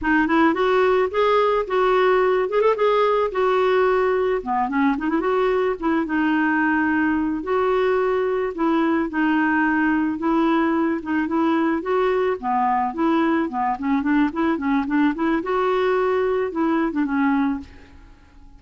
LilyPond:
\new Staff \with { instrumentName = "clarinet" } { \time 4/4 \tempo 4 = 109 dis'8 e'8 fis'4 gis'4 fis'4~ | fis'8 gis'16 a'16 gis'4 fis'2 | b8 cis'8 dis'16 e'16 fis'4 e'8 dis'4~ | dis'4. fis'2 e'8~ |
e'8 dis'2 e'4. | dis'8 e'4 fis'4 b4 e'8~ | e'8 b8 cis'8 d'8 e'8 cis'8 d'8 e'8 | fis'2 e'8. d'16 cis'4 | }